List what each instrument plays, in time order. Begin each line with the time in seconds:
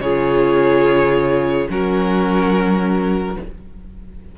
0.00 cello C#3, viola F4, violin G#4 C#5
1.68 cello F#3, viola C#4, violin F#4 A#4